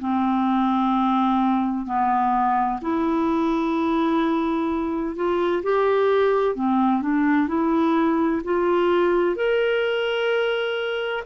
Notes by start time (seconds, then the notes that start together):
0.00 C4
1.87 B3
2.82 E4
5.16 F4
5.63 G4
6.55 C4
7.02 D4
7.48 E4
8.44 F4
9.36 A#4